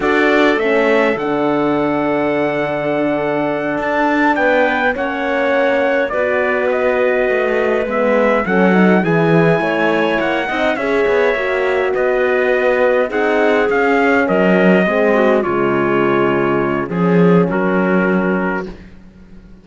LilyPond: <<
  \new Staff \with { instrumentName = "trumpet" } { \time 4/4 \tempo 4 = 103 d''4 e''4 fis''2~ | fis''2~ fis''8 a''4 g''8~ | g''8 fis''2 d''4 dis''8~ | dis''4. e''4 fis''4 gis''8~ |
gis''4. fis''4 e''4.~ | e''8 dis''2 fis''4 f''8~ | f''8 dis''2 cis''4.~ | cis''4 gis'4 ais'2 | }
  \new Staff \with { instrumentName = "clarinet" } { \time 4/4 a'1~ | a'2.~ a'8 b'8~ | b'8 cis''2 b'4.~ | b'2~ b'8 a'4 gis'8~ |
gis'8 cis''4. dis''8 cis''4.~ | cis''8 b'2 gis'4.~ | gis'8 ais'4 gis'8 fis'8 f'4.~ | f'4 gis'4 fis'2 | }
  \new Staff \with { instrumentName = "horn" } { \time 4/4 fis'4 cis'4 d'2~ | d'1~ | d'8 cis'2 fis'4.~ | fis'4. b4 cis'8 dis'8 e'8~ |
e'2 dis'8 gis'4 fis'8~ | fis'2~ fis'8 dis'4 cis'8~ | cis'4. c'4 gis4.~ | gis4 cis'2. | }
  \new Staff \with { instrumentName = "cello" } { \time 4/4 d'4 a4 d2~ | d2~ d8 d'4 b8~ | b8 ais2 b4.~ | b8 a4 gis4 fis4 e8~ |
e8 a4 ais8 c'8 cis'8 b8 ais8~ | ais8 b2 c'4 cis'8~ | cis'8 fis4 gis4 cis4.~ | cis4 f4 fis2 | }
>>